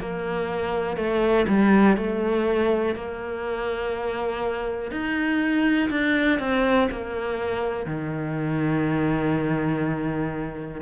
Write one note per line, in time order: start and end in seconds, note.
0.00 0.97 A#3
0.97 1.46 A3
1.48 1.97 G3
1.97 2.95 A3
2.95 4.91 A#3
4.91 5.90 D#4
5.90 6.39 D4
6.39 6.89 C4
6.91 7.86 A#3
7.86 10.81 D#3